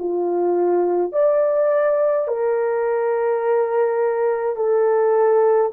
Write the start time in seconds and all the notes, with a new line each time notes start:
0.00 F4
1.13 D5
2.28 A#4
4.56 A4